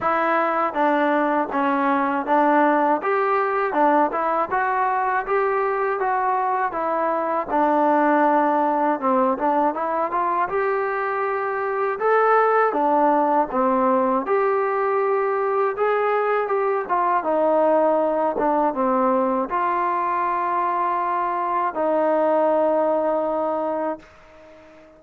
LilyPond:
\new Staff \with { instrumentName = "trombone" } { \time 4/4 \tempo 4 = 80 e'4 d'4 cis'4 d'4 | g'4 d'8 e'8 fis'4 g'4 | fis'4 e'4 d'2 | c'8 d'8 e'8 f'8 g'2 |
a'4 d'4 c'4 g'4~ | g'4 gis'4 g'8 f'8 dis'4~ | dis'8 d'8 c'4 f'2~ | f'4 dis'2. | }